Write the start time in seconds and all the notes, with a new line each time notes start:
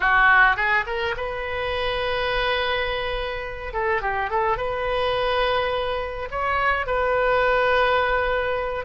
0.00 F#4
0.56 G#4
0.86 A#4
1.17 B4
3.73 A4
4.01 G4
4.30 A4
4.57 B4
6.30 C#5
6.86 B4